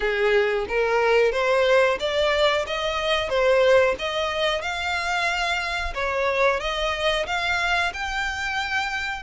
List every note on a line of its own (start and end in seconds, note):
0.00 0.66 G#4
0.68 1.32 A#4
1.32 1.98 C5
1.99 2.65 D5
2.66 3.29 D#5
3.29 3.95 C5
3.98 4.61 D#5
4.61 5.93 F5
5.94 6.59 C#5
6.59 7.25 D#5
7.26 7.92 F5
7.93 9.22 G5